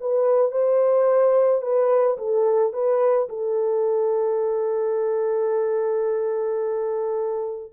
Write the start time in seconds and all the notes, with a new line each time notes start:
0.00 B4
0.51 C5
1.62 B4
2.18 A4
2.72 B4
3.29 A4